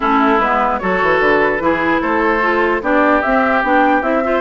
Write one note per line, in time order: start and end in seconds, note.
0.00 0.39 A3
0.00 0.39 C#4
0.00 0.79 E4
0.00 0.39 A4
0.39 0.79 G#3
0.39 0.81 B3
0.39 0.79 B4
0.79 1.02 F#3
0.79 1.59 F#4
0.79 1.62 A4
0.79 1.19 C#5
1.02 1.20 E3
1.20 1.59 D3
1.20 2.01 B4
1.59 2.00 E3
1.59 2.40 E4
1.59 2.01 G#4
2.01 2.81 A3
2.01 2.81 A4
2.01 2.82 C5
2.41 2.82 F4
2.81 3.21 B3
2.81 3.22 D4
2.81 4.23 G4
2.81 3.22 D5
3.22 3.63 C4
3.22 3.64 C4
3.22 3.62 E5
3.63 4.02 B3
3.63 4.02 D4
3.63 4.02 G5
4.02 4.41 C4
4.02 4.22 E4
4.02 4.41 E5
4.23 4.41 F4
4.23 4.41 C5